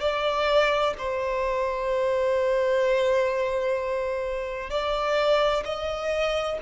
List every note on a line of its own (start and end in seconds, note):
0.00 0.94 D5
0.98 4.70 C5
4.70 5.63 D5
5.64 6.58 D#5